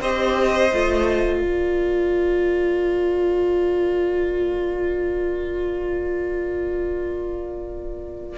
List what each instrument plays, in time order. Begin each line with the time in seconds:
0.00 cello C4, viola G4, violin C5 D#5
0.72 cello A3, viola F4
1.39 cello A#3, violin A#4 D5